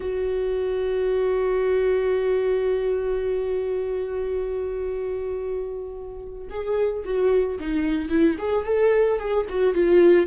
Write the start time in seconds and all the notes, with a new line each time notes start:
0.00 F#4
6.50 G#4
7.04 F#4
7.59 D#4
8.09 E4
8.38 G#4
8.65 A4
9.19 G#4
9.49 F#4
9.73 F4